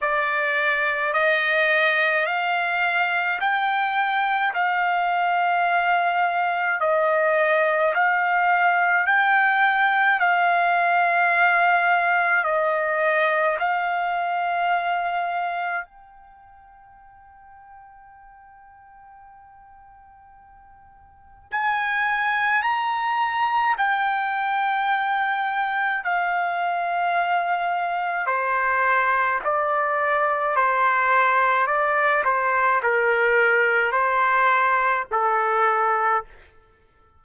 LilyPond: \new Staff \with { instrumentName = "trumpet" } { \time 4/4 \tempo 4 = 53 d''4 dis''4 f''4 g''4 | f''2 dis''4 f''4 | g''4 f''2 dis''4 | f''2 g''2~ |
g''2. gis''4 | ais''4 g''2 f''4~ | f''4 c''4 d''4 c''4 | d''8 c''8 ais'4 c''4 a'4 | }